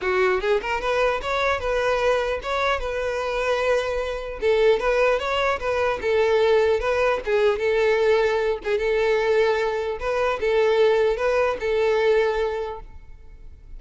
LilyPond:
\new Staff \with { instrumentName = "violin" } { \time 4/4 \tempo 4 = 150 fis'4 gis'8 ais'8 b'4 cis''4 | b'2 cis''4 b'4~ | b'2. a'4 | b'4 cis''4 b'4 a'4~ |
a'4 b'4 gis'4 a'4~ | a'4. gis'8 a'2~ | a'4 b'4 a'2 | b'4 a'2. | }